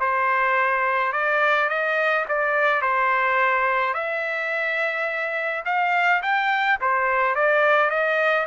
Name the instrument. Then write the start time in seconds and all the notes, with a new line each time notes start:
trumpet
0.00 C5
1.12 D5
1.69 D#5
2.28 D5
2.82 C5
3.94 E5
5.65 F5
6.22 G5
6.81 C5
7.35 D5
7.90 D#5